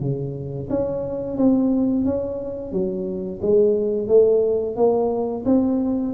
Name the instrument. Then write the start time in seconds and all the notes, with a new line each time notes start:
tuba
0.00 C#3
0.70 C#4
1.37 C4
2.05 C#4
2.72 F#3
3.42 G#3
4.08 A3
4.76 A#3
5.45 C4